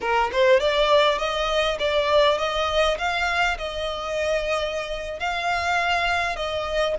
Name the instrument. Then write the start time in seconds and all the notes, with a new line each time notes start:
violin
0.00 A#4
0.32 C5
0.60 D5
1.18 D#5
1.79 D5
2.38 D#5
2.98 F5
3.58 D#5
5.19 F5
6.36 D#5